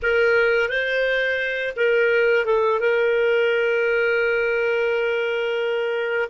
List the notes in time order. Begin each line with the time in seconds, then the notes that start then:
0.02 A#4
0.68 C5
1.76 A#4
2.45 A4
2.80 A#4